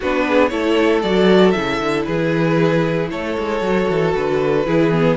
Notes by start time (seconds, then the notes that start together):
0.00 B3 D4 F#4 B4
0.28 G#4
0.48 A3 E4 A4 C#5
1.02 F#3 F#4 D5
1.50 C#3 E4 E5
1.80 D3
2.04 E3 G#4 B4
3.10 A3 A4 C#5
3.38 G#3
3.61 F#3 F#4
3.89 E3
4.15 D3 B4
4.66 E3 E4 G#4
4.91 B3